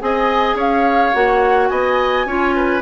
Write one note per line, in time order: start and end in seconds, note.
0.00 0.54 C4
0.00 1.13 G#4
0.00 0.56 D#5
0.00 0.58 G#5
0.54 1.11 C#4
0.54 1.70 C#5
0.54 1.14 F5
1.13 1.70 A#3
1.13 2.27 F#4
1.13 1.68 F#5
1.68 2.25 B3
1.68 2.26 D#5
1.68 2.81 G#5
2.25 2.82 C#4
2.25 2.82 F4
2.25 2.55 C#5
2.56 2.82 B4